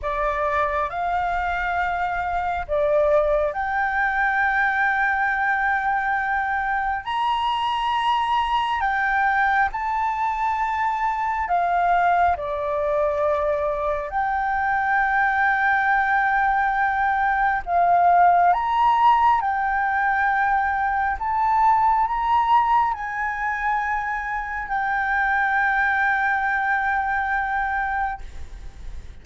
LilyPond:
\new Staff \with { instrumentName = "flute" } { \time 4/4 \tempo 4 = 68 d''4 f''2 d''4 | g''1 | ais''2 g''4 a''4~ | a''4 f''4 d''2 |
g''1 | f''4 ais''4 g''2 | a''4 ais''4 gis''2 | g''1 | }